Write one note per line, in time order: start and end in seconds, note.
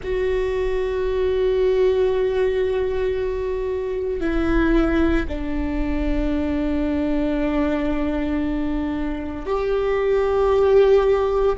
0.03 4.20 F#4
4.20 5.25 E4
5.28 9.45 D4
9.45 11.56 G4